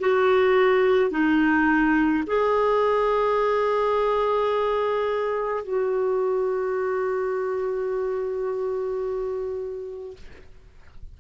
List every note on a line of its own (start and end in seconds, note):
0.00 1.11 F#4
1.11 2.24 D#4
2.27 5.64 G#4
5.64 10.17 F#4